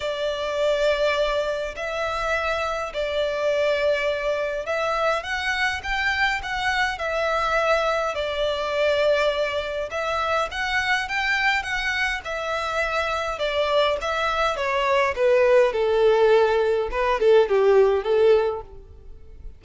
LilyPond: \new Staff \with { instrumentName = "violin" } { \time 4/4 \tempo 4 = 103 d''2. e''4~ | e''4 d''2. | e''4 fis''4 g''4 fis''4 | e''2 d''2~ |
d''4 e''4 fis''4 g''4 | fis''4 e''2 d''4 | e''4 cis''4 b'4 a'4~ | a'4 b'8 a'8 g'4 a'4 | }